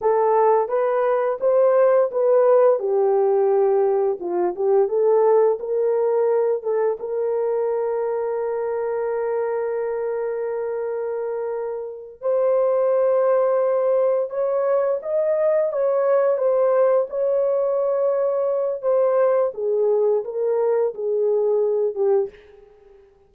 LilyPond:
\new Staff \with { instrumentName = "horn" } { \time 4/4 \tempo 4 = 86 a'4 b'4 c''4 b'4 | g'2 f'8 g'8 a'4 | ais'4. a'8 ais'2~ | ais'1~ |
ais'4. c''2~ c''8~ | c''8 cis''4 dis''4 cis''4 c''8~ | c''8 cis''2~ cis''8 c''4 | gis'4 ais'4 gis'4. g'8 | }